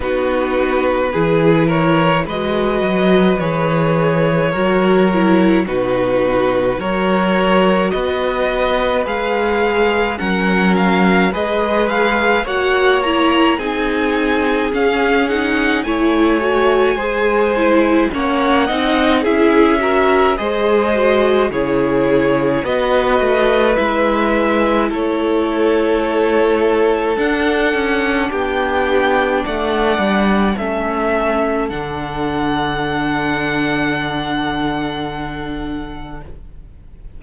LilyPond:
<<
  \new Staff \with { instrumentName = "violin" } { \time 4/4 \tempo 4 = 53 b'4. cis''8 dis''4 cis''4~ | cis''4 b'4 cis''4 dis''4 | f''4 fis''8 f''8 dis''8 f''8 fis''8 ais''8 | gis''4 f''8 fis''8 gis''2 |
fis''4 e''4 dis''4 cis''4 | dis''4 e''4 cis''2 | fis''4 g''4 fis''4 e''4 | fis''1 | }
  \new Staff \with { instrumentName = "violin" } { \time 4/4 fis'4 gis'8 ais'8 b'2 | ais'4 fis'4 ais'4 b'4~ | b'4 ais'4 b'4 cis''4 | gis'2 cis''4 c''4 |
cis''8 dis''8 gis'8 ais'8 c''4 gis'4 | b'2 a'2~ | a'4 g'4 d''4 a'4~ | a'1 | }
  \new Staff \with { instrumentName = "viola" } { \time 4/4 dis'4 e'4 fis'4 gis'4 | fis'8 e'8 dis'4 fis'2 | gis'4 cis'4 gis'4 fis'8 e'8 | dis'4 cis'8 dis'8 e'8 fis'8 gis'8 e'8 |
cis'8 dis'8 e'8 fis'8 gis'8 fis'8 e'4 | fis'4 e'2. | d'2. cis'4 | d'1 | }
  \new Staff \with { instrumentName = "cello" } { \time 4/4 b4 e4 gis8 fis8 e4 | fis4 b,4 fis4 b4 | gis4 fis4 gis4 ais4 | c'4 cis'4 a4 gis4 |
ais8 c'8 cis'4 gis4 cis4 | b8 a8 gis4 a2 | d'8 cis'8 b4 a8 g8 a4 | d1 | }
>>